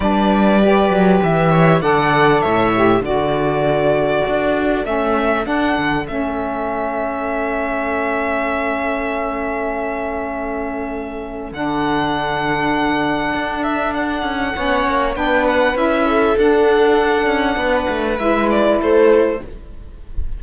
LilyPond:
<<
  \new Staff \with { instrumentName = "violin" } { \time 4/4 \tempo 4 = 99 d''2 e''4 fis''4 | e''4 d''2. | e''4 fis''4 e''2~ | e''1~ |
e''2. fis''4~ | fis''2~ fis''8 e''8 fis''4~ | fis''4 g''8 fis''8 e''4 fis''4~ | fis''2 e''8 d''8 c''4 | }
  \new Staff \with { instrumentName = "viola" } { \time 4/4 b'2~ b'8 cis''8 d''4 | cis''4 a'2.~ | a'1~ | a'1~ |
a'1~ | a'1 | cis''4 b'4. a'4.~ | a'4 b'2 a'4 | }
  \new Staff \with { instrumentName = "saxophone" } { \time 4/4 d'4 g'2 a'4~ | a'8 g'8 fis'2. | cis'4 d'4 cis'2~ | cis'1~ |
cis'2. d'4~ | d'1 | cis'4 d'4 e'4 d'4~ | d'2 e'2 | }
  \new Staff \with { instrumentName = "cello" } { \time 4/4 g4. fis8 e4 d4 | a,4 d2 d'4 | a4 d'8 d8 a2~ | a1~ |
a2. d4~ | d2 d'4. cis'8 | b8 ais8 b4 cis'4 d'4~ | d'8 cis'8 b8 a8 gis4 a4 | }
>>